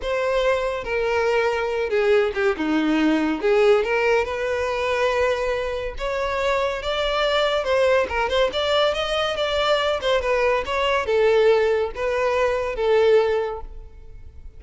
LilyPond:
\new Staff \with { instrumentName = "violin" } { \time 4/4 \tempo 4 = 141 c''2 ais'2~ | ais'8 gis'4 g'8 dis'2 | gis'4 ais'4 b'2~ | b'2 cis''2 |
d''2 c''4 ais'8 c''8 | d''4 dis''4 d''4. c''8 | b'4 cis''4 a'2 | b'2 a'2 | }